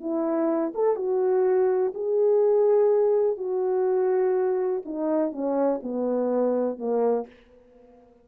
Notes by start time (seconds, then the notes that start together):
0.00 E4
0.74 A4
0.95 F#4
1.94 G#4
3.37 F#4
4.85 D#4
5.32 C#4
5.83 B3
6.78 A#3